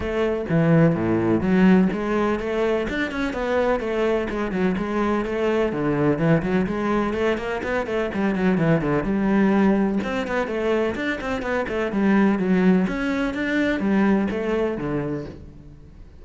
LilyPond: \new Staff \with { instrumentName = "cello" } { \time 4/4 \tempo 4 = 126 a4 e4 a,4 fis4 | gis4 a4 d'8 cis'8 b4 | a4 gis8 fis8 gis4 a4 | d4 e8 fis8 gis4 a8 ais8 |
b8 a8 g8 fis8 e8 d8 g4~ | g4 c'8 b8 a4 d'8 c'8 | b8 a8 g4 fis4 cis'4 | d'4 g4 a4 d4 | }